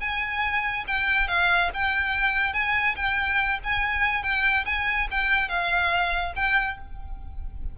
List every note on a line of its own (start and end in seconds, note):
0.00 0.85 G#5
0.87 1.28 G5
1.28 1.70 F5
1.74 2.53 G5
2.53 2.95 G#5
2.96 3.59 G5
3.64 4.23 G#5
4.23 4.65 G5
4.65 5.08 G#5
5.11 5.49 G5
5.49 6.33 F5
6.36 6.78 G5